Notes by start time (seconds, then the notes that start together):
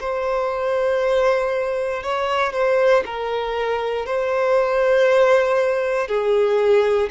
0.00 C5
2.02 C#5
2.52 C5
3.05 A#4
4.06 C5
6.07 G#4